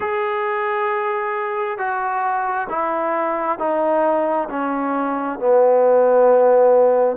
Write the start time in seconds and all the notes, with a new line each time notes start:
0.00 G#4
1.78 F#4
2.69 E4
3.58 D#4
4.49 C#4
5.39 B3